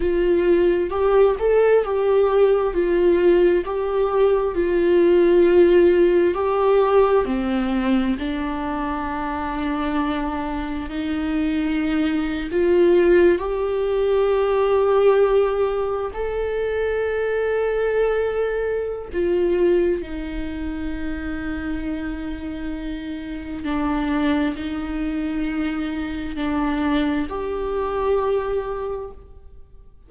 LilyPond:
\new Staff \with { instrumentName = "viola" } { \time 4/4 \tempo 4 = 66 f'4 g'8 a'8 g'4 f'4 | g'4 f'2 g'4 | c'4 d'2. | dis'4.~ dis'16 f'4 g'4~ g'16~ |
g'4.~ g'16 a'2~ a'16~ | a'4 f'4 dis'2~ | dis'2 d'4 dis'4~ | dis'4 d'4 g'2 | }